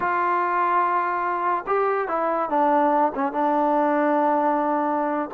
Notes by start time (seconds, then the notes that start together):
0.00 F4
1.66 G4
2.08 E4
2.49 D4
3.15 C#4
3.32 D4